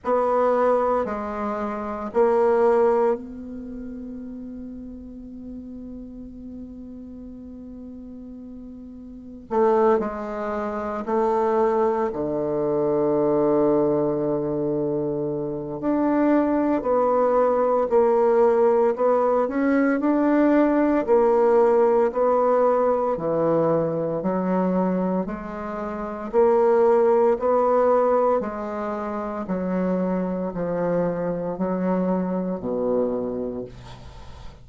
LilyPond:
\new Staff \with { instrumentName = "bassoon" } { \time 4/4 \tempo 4 = 57 b4 gis4 ais4 b4~ | b1~ | b4 a8 gis4 a4 d8~ | d2. d'4 |
b4 ais4 b8 cis'8 d'4 | ais4 b4 e4 fis4 | gis4 ais4 b4 gis4 | fis4 f4 fis4 b,4 | }